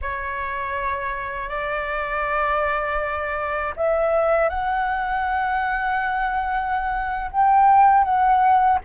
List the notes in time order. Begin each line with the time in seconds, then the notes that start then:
0.01 C#5
1.49 D5
3.76 E5
4.49 F#5
7.31 G5
8.04 F#5